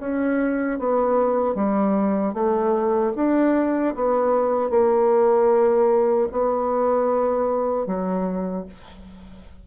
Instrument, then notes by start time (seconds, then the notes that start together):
bassoon
0.00 C#4
0.79 B3
1.55 G3
2.34 A3
3.16 D4
3.95 B3
4.70 A#3
6.32 B3
7.86 F#3